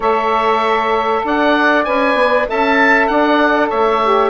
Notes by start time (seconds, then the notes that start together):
0.00 A3 A4 C#5 E5
1.24 D4 D5 F#5
1.84 C#4 B4 G#5
2.13 B3
2.48 C#4 A4 E5 A5
3.07 D4 D5 F#5
3.68 A3 C#5 E5
4.03 G4